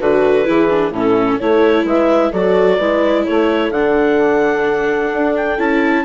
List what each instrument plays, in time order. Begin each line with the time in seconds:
0.00 bassoon D3, viola F#4, horn A4, clarinet B4
0.45 bassoon E3, viola E4, horn G#4
0.69 viola D4
0.90 bassoon A2, viola C#4, horn E4
0.96 clarinet A4
1.39 bassoon A3, viola E4, horn A4, clarinet C#5
1.84 bassoon G#3, horn B4, clarinet E5
2.31 bassoon F#3, viola F#4, horn A4, clarinet D5
2.78 bassoon G#3, viola E4, horn B4
3.25 bassoon A3, horn A4, clarinet C#5
3.70 bassoon D3, viola D4, clarinet F#5
5.13 bassoon D4
5.36 clarinet G5
5.58 bassoon C#4, viola E4, clarinet A5